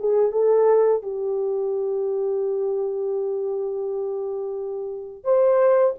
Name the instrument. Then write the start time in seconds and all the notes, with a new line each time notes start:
horn
0.00 G#4
0.32 A4
1.03 G4
5.24 C5